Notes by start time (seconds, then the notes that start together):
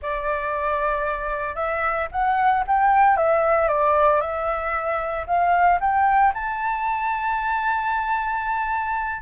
0.01 D5
1.55 E5
2.11 F#5
2.67 G5
3.16 E5
3.68 D5
4.20 E5
5.26 F5
5.80 G5
6.34 A5